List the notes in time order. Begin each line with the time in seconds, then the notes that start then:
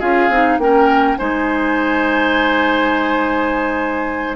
0.00 C#4 F4 G#4 F5
0.29 C4 D#4
0.58 A#3 C#4 A#4 G5
1.17 G#3 D#4 C5 G#5